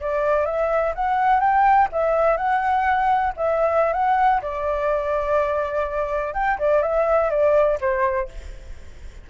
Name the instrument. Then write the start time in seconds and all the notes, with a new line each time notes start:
flute
0.00 D5
0.45 E5
0.95 F#5
1.40 G5
1.92 E5
2.37 F#5
3.36 E5
3.93 F#5
4.42 D5
6.34 G5
6.58 D5
6.82 E5
7.30 D5
7.80 C5